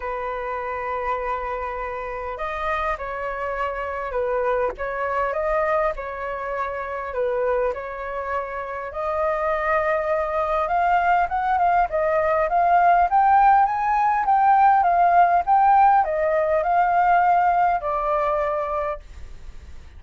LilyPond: \new Staff \with { instrumentName = "flute" } { \time 4/4 \tempo 4 = 101 b'1 | dis''4 cis''2 b'4 | cis''4 dis''4 cis''2 | b'4 cis''2 dis''4~ |
dis''2 f''4 fis''8 f''8 | dis''4 f''4 g''4 gis''4 | g''4 f''4 g''4 dis''4 | f''2 d''2 | }